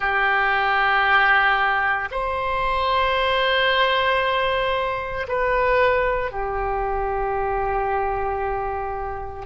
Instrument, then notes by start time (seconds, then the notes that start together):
oboe
0.00 G4
2.11 C5
5.28 B4
6.31 G4